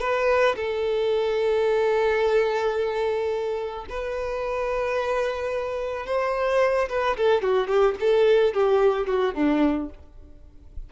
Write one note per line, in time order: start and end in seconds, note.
0.00 0.55 B4
0.55 3.86 A4
3.89 6.06 B4
6.06 6.88 C5
6.89 7.16 B4
7.17 7.42 A4
7.42 7.67 F#4
7.67 7.95 G4
8.00 8.53 A4
8.53 9.07 G4
9.07 9.34 F#4
9.34 9.89 D4